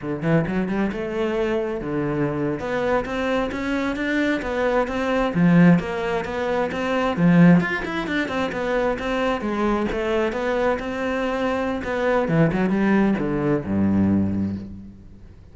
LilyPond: \new Staff \with { instrumentName = "cello" } { \time 4/4 \tempo 4 = 132 d8 e8 fis8 g8 a2 | d4.~ d16 b4 c'4 cis'16~ | cis'8. d'4 b4 c'4 f16~ | f8. ais4 b4 c'4 f16~ |
f8. f'8 e'8 d'8 c'8 b4 c'16~ | c'8. gis4 a4 b4 c'16~ | c'2 b4 e8 fis8 | g4 d4 g,2 | }